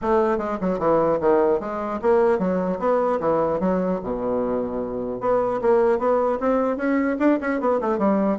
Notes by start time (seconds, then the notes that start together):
0.01 A3
0.38 G#3
0.61 F#3
0.78 E3
1.20 D#3
1.60 G#3
2.01 A#3
2.38 F#3
2.79 B3
3.19 E3
3.59 F#3
4.03 B2
5.20 B3
5.61 A#3
5.99 B3
6.40 C4
6.77 C#4
7.19 D4
7.41 C#4
7.60 B3
7.80 A3
7.98 G3